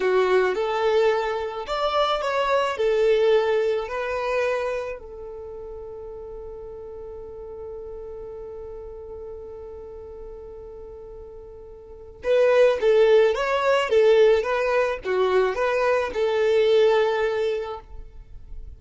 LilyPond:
\new Staff \with { instrumentName = "violin" } { \time 4/4 \tempo 4 = 108 fis'4 a'2 d''4 | cis''4 a'2 b'4~ | b'4 a'2.~ | a'1~ |
a'1~ | a'2 b'4 a'4 | cis''4 a'4 b'4 fis'4 | b'4 a'2. | }